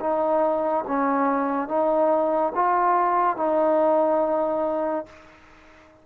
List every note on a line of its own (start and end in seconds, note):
0.00 0.85 D#4
0.87 1.68 C#4
1.68 2.52 D#4
2.55 3.36 F4
3.36 5.06 D#4